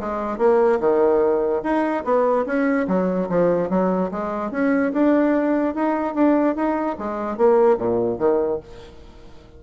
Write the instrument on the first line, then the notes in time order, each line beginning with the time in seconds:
bassoon
0.00 G#3
0.38 A#3
0.80 D#3
1.63 D#4
2.04 B3
2.46 C#4
2.88 F#3
3.29 F3
3.70 F#3
4.12 G#3
4.51 C#4
4.93 D4
5.75 D#4
6.15 D4
6.55 D#4
6.98 G#3
7.37 A#3
7.78 A#2
8.19 D#3